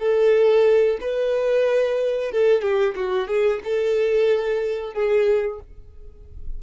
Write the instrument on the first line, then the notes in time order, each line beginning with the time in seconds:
violin
0.00 A4
1.01 B4
2.32 A4
2.62 G4
2.96 F#4
3.28 G#4
3.64 A4
4.94 G#4